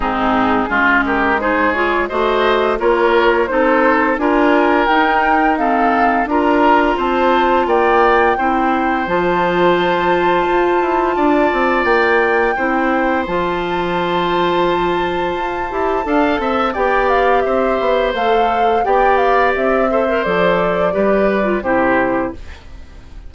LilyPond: <<
  \new Staff \with { instrumentName = "flute" } { \time 4/4 \tempo 4 = 86 gis'4. ais'8 c''8 cis''8 dis''4 | cis''4 c''4 gis''4 g''4 | f''4 ais''4 a''4 g''4~ | g''4 a''2.~ |
a''4 g''2 a''4~ | a''1 | g''8 f''8 e''4 f''4 g''8 f''8 | e''4 d''2 c''4 | }
  \new Staff \with { instrumentName = "oboe" } { \time 4/4 dis'4 f'8 g'8 gis'4 c''4 | ais'4 a'4 ais'2 | a'4 ais'4 c''4 d''4 | c''1 |
d''2 c''2~ | c''2. f''8 e''8 | d''4 c''2 d''4~ | d''8 c''4. b'4 g'4 | }
  \new Staff \with { instrumentName = "clarinet" } { \time 4/4 c'4 cis'4 dis'8 f'8 fis'4 | f'4 dis'4 f'4 dis'4 | c'4 f'2. | e'4 f'2.~ |
f'2 e'4 f'4~ | f'2~ f'8 g'8 a'4 | g'2 a'4 g'4~ | g'8 a'16 ais'16 a'4 g'8. f'16 e'4 | }
  \new Staff \with { instrumentName = "bassoon" } { \time 4/4 gis,4 gis2 a4 | ais4 c'4 d'4 dis'4~ | dis'4 d'4 c'4 ais4 | c'4 f2 f'8 e'8 |
d'8 c'8 ais4 c'4 f4~ | f2 f'8 e'8 d'8 c'8 | b4 c'8 b8 a4 b4 | c'4 f4 g4 c4 | }
>>